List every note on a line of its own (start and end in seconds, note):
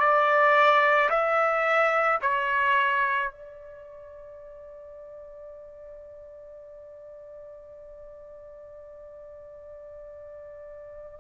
0.00 1.09 D5
1.10 2.19 E5
2.22 3.31 C#5
3.31 11.20 D5